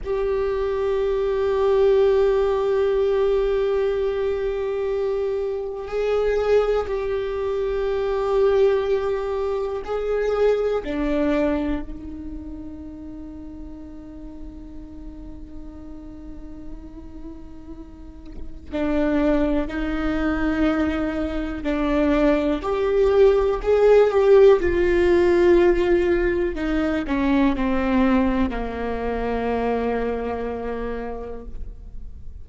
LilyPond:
\new Staff \with { instrumentName = "viola" } { \time 4/4 \tempo 4 = 61 g'1~ | g'2 gis'4 g'4~ | g'2 gis'4 d'4 | dis'1~ |
dis'2. d'4 | dis'2 d'4 g'4 | gis'8 g'8 f'2 dis'8 cis'8 | c'4 ais2. | }